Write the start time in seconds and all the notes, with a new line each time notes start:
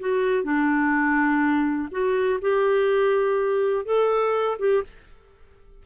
0.00 F#4
0.44 D4
1.91 F#4
2.41 G4
3.85 A4
4.59 G4